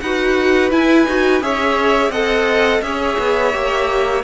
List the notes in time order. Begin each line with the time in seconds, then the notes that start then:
0.00 D#4 F#4 B4 F#5
0.70 E4 G#5
1.07 D#4 F#4
1.41 C#4 G#4 C#5 E5
2.09 C4 A4 D#5 F#5
2.81 C#4 G#4 C#5 E5
3.18 B3
3.52 A#3 G4